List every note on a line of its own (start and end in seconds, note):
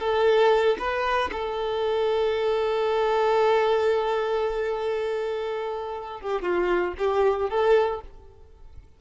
0.00 0.78 A4
0.79 1.31 B4
1.32 6.21 A4
6.21 6.42 G4
6.42 6.94 F4
6.98 7.50 G4
7.50 8.01 A4